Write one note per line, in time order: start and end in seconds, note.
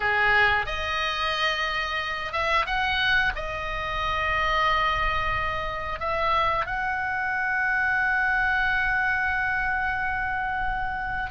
0.00 0.66 G#4
0.66 2.32 D#5
2.32 2.65 E5
2.65 3.32 F#5
3.35 5.99 D#5
5.99 6.65 E5
6.65 11.30 F#5